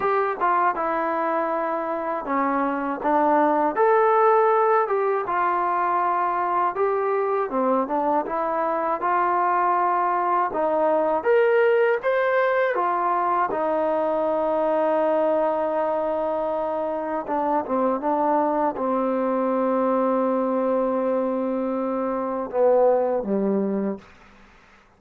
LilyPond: \new Staff \with { instrumentName = "trombone" } { \time 4/4 \tempo 4 = 80 g'8 f'8 e'2 cis'4 | d'4 a'4. g'8 f'4~ | f'4 g'4 c'8 d'8 e'4 | f'2 dis'4 ais'4 |
c''4 f'4 dis'2~ | dis'2. d'8 c'8 | d'4 c'2.~ | c'2 b4 g4 | }